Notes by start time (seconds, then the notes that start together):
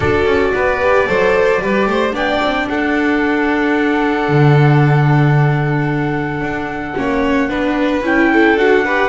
0.00 D4 F#4 A4 D5
0.25 C#4
0.53 B3 B4
0.80 G4
1.07 F#3 A4 C5
1.61 G3 G4 B4
1.86 A3 C5
2.11 B3 D4 D5 G5
2.41 C4
2.68 D4 A4 F#5
4.28 D3
6.40 D4
6.96 A#3 C#4 C#5
7.48 B3 D4 B4
8.01 C#4 E4 G5
8.33 A4
8.54 D4 F#4 F#5
8.84 G4 B4